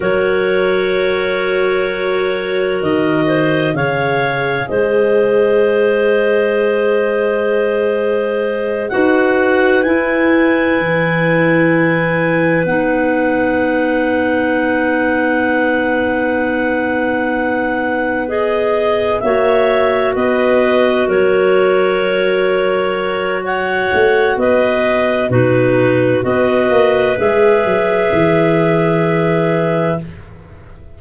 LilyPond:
<<
  \new Staff \with { instrumentName = "clarinet" } { \time 4/4 \tempo 4 = 64 cis''2. dis''4 | f''4 dis''2.~ | dis''4. fis''4 gis''4.~ | gis''4. fis''2~ fis''8~ |
fis''2.~ fis''8 dis''8~ | dis''8 e''4 dis''4 cis''4.~ | cis''4 fis''4 dis''4 b'4 | dis''4 e''2. | }
  \new Staff \with { instrumentName = "clarinet" } { \time 4/4 ais'2.~ ais'8 c''8 | cis''4 c''2.~ | c''4. b'2~ b'8~ | b'1~ |
b'1~ | b'8 cis''4 b'4 ais'4.~ | ais'4 cis''4 b'4 fis'4 | b'1 | }
  \new Staff \with { instrumentName = "clarinet" } { \time 4/4 fis'1 | gis'1~ | gis'4. fis'4 e'4.~ | e'4. dis'2~ dis'8~ |
dis'2.~ dis'8 gis'8~ | gis'8 fis'2.~ fis'8~ | fis'2. dis'4 | fis'4 gis'2. | }
  \new Staff \with { instrumentName = "tuba" } { \time 4/4 fis2. dis4 | cis4 gis2.~ | gis4. dis'4 e'4 e8~ | e4. b2~ b8~ |
b1~ | b8 ais4 b4 fis4.~ | fis4. a8 b4 b,4 | b8 ais8 gis8 fis8 e2 | }
>>